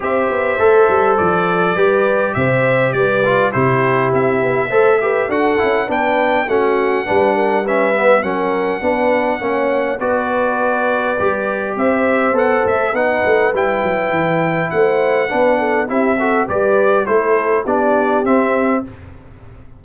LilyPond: <<
  \new Staff \with { instrumentName = "trumpet" } { \time 4/4 \tempo 4 = 102 e''2 d''2 | e''4 d''4 c''4 e''4~ | e''4 fis''4 g''4 fis''4~ | fis''4 e''4 fis''2~ |
fis''4 d''2. | e''4 fis''8 e''8 fis''4 g''4~ | g''4 fis''2 e''4 | d''4 c''4 d''4 e''4 | }
  \new Staff \with { instrumentName = "horn" } { \time 4/4 c''2. b'4 | c''4 b'4 g'2 | c''8 b'8 a'4 b'4 fis'4 | b'8 ais'8 b'4 ais'4 b'4 |
cis''4 b'2. | c''2 b'2~ | b'4 c''4 b'8 a'8 g'8 a'8 | b'4 a'4 g'2 | }
  \new Staff \with { instrumentName = "trombone" } { \time 4/4 g'4 a'2 g'4~ | g'4. f'8 e'2 | a'8 g'8 fis'8 e'8 d'4 cis'4 | d'4 cis'8 b8 cis'4 d'4 |
cis'4 fis'2 g'4~ | g'4 a'4 dis'4 e'4~ | e'2 d'4 e'8 fis'8 | g'4 e'4 d'4 c'4 | }
  \new Staff \with { instrumentName = "tuba" } { \time 4/4 c'8 b8 a8 g8 f4 g4 | c4 g4 c4 c'8 b8 | a4 d'8 cis'8 b4 a4 | g2 fis4 b4 |
ais4 b2 g4 | c'4 b8 a8 b8 a8 g8 fis8 | e4 a4 b4 c'4 | g4 a4 b4 c'4 | }
>>